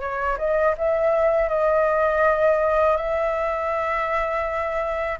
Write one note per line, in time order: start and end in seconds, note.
0.00 0.37 C#5
0.38 0.75 D#5
0.77 1.48 E5
1.48 2.97 D#5
2.97 5.19 E5